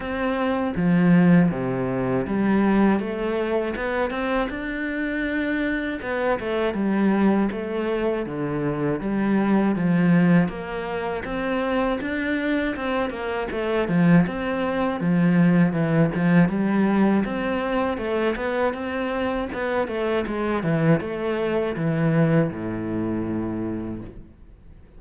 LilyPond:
\new Staff \with { instrumentName = "cello" } { \time 4/4 \tempo 4 = 80 c'4 f4 c4 g4 | a4 b8 c'8 d'2 | b8 a8 g4 a4 d4 | g4 f4 ais4 c'4 |
d'4 c'8 ais8 a8 f8 c'4 | f4 e8 f8 g4 c'4 | a8 b8 c'4 b8 a8 gis8 e8 | a4 e4 a,2 | }